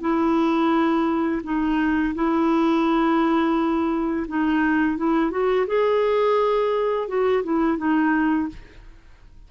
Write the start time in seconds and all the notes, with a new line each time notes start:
0.00 E4
1.43 D#4
2.15 E4
4.28 D#4
4.97 E4
5.30 F#4
5.67 G#4
7.08 F#4
7.43 E4
7.77 D#4